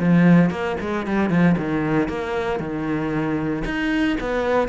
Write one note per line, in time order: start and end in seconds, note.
0.00 0.51 F3
0.51 0.77 A#3
0.80 1.06 G#3
1.06 1.30 G3
1.30 1.56 F3
1.58 2.08 D#3
2.08 2.60 A#3
2.60 3.64 D#3
3.65 4.17 D#4
4.20 4.69 B3